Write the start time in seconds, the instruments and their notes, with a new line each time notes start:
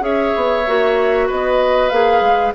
0.00 bassoon C#4, clarinet G#4, oboe C#5, flute E5
0.35 bassoon B3
0.67 bassoon A#3, clarinet F#4
1.27 bassoon B3, oboe B4, flute D#5
1.89 bassoon A#3, clarinet G#4, flute F5
2.21 bassoon G#3